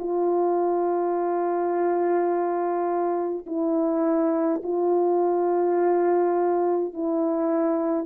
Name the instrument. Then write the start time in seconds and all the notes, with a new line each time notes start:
horn
0.00 F4
3.47 E4
4.64 F4
6.94 E4